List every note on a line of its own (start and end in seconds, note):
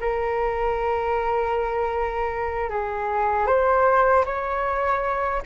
0.00 2.70 A#4
2.70 3.46 G#4
3.46 4.24 C5
4.25 5.42 C#5